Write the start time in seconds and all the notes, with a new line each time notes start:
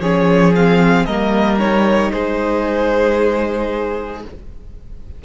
0.00 F3 C#4 G#4 C#5
0.55 C4 F5
1.05 G3 A#3 A#4 D#5
1.59 D#4 C#5
2.12 G#3 G#4 C5